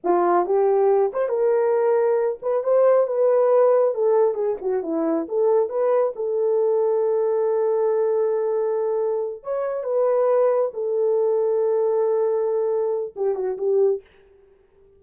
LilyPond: \new Staff \with { instrumentName = "horn" } { \time 4/4 \tempo 4 = 137 f'4 g'4. c''8 ais'4~ | ais'4. b'8 c''4 b'4~ | b'4 a'4 gis'8 fis'8 e'4 | a'4 b'4 a'2~ |
a'1~ | a'4. cis''4 b'4.~ | b'8 a'2.~ a'8~ | a'2 g'8 fis'8 g'4 | }